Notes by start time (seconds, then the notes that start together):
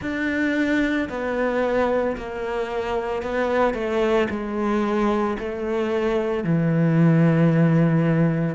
0.01 D4
1.09 B3
2.16 A#3
3.22 B3
3.74 A3
4.30 G#3
5.39 A3
6.44 E3